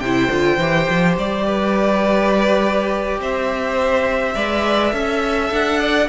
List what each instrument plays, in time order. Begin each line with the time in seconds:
0.00 cello C3, viola E4, violin C5 G5
0.31 cello D3, viola F4
0.58 cello E3, viola G4
0.90 cello F3
1.18 cello G3, violin D5
1.46 violin B4
3.20 cello C4, violin C5 E5
4.36 cello G#3, viola B4, violin D5
4.93 cello C#4, viola A4, violin E5
5.52 cello D4, violin F#5
5.80 violin D5